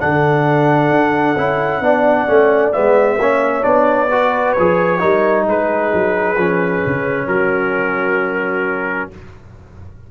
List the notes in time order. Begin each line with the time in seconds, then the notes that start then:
0.00 D3 D4 A4 F#5
0.91 D4
1.38 C#4 E4
1.81 B3 D4 D5
2.28 A3 C#4
2.73 G#3 B3 E5
3.18 A#3 C#4 C#5
3.62 B3 D4 D5
4.10 F#4 B4
4.53 C#5
4.59 F3 G#4
5.00 G3 D#4 A#4
5.48 G#3 G#4 B4
5.94 F#3
6.37 F3 C#4
6.87 C#3
7.27 F#3 F#4 A#4